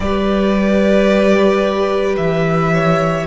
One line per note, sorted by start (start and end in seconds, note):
0.00 2.16 G3
0.00 3.27 G4
0.00 2.72 B4
0.00 2.15 D5
2.17 3.27 E3
2.17 3.26 E5
2.72 3.27 C#5